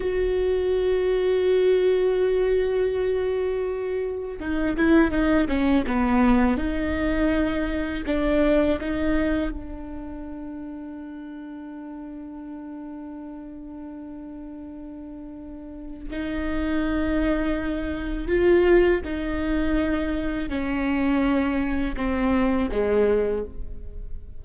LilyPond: \new Staff \with { instrumentName = "viola" } { \time 4/4 \tempo 4 = 82 fis'1~ | fis'2 dis'8 e'8 dis'8 cis'8 | b4 dis'2 d'4 | dis'4 d'2.~ |
d'1~ | d'2 dis'2~ | dis'4 f'4 dis'2 | cis'2 c'4 gis4 | }